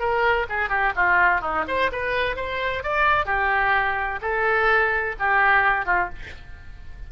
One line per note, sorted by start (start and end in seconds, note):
0.00 0.47 A#4
0.50 0.70 G#4
0.70 0.93 G4
0.96 1.42 F4
1.42 1.65 D#4
1.68 1.91 C5
1.92 2.37 B4
2.37 2.84 C5
2.84 3.26 D5
3.26 4.20 G4
4.22 5.16 A4
5.20 5.86 G4
5.86 6.10 F4